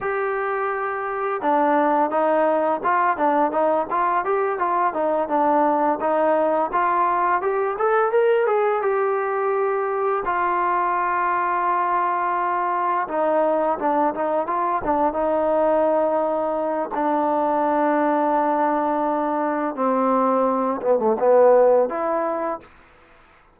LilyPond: \new Staff \with { instrumentName = "trombone" } { \time 4/4 \tempo 4 = 85 g'2 d'4 dis'4 | f'8 d'8 dis'8 f'8 g'8 f'8 dis'8 d'8~ | d'8 dis'4 f'4 g'8 a'8 ais'8 | gis'8 g'2 f'4.~ |
f'2~ f'8 dis'4 d'8 | dis'8 f'8 d'8 dis'2~ dis'8 | d'1 | c'4. b16 a16 b4 e'4 | }